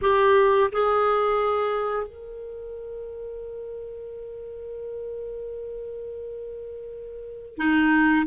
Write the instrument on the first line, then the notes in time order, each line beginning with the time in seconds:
clarinet
0.01 G4
0.71 G#4
2.07 A#4
7.57 D#4